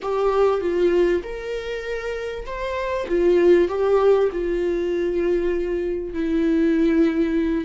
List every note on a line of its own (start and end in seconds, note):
0.02 0.61 G4
0.61 1.22 F4
1.23 2.45 A#4
2.45 3.07 C5
3.08 3.68 F4
3.68 4.29 G4
4.32 6.13 F4
6.13 7.64 E4